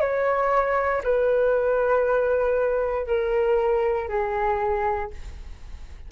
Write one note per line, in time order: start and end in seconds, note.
0.00 1.02 C#5
1.04 3.06 B4
3.06 4.08 A#4
4.08 5.10 G#4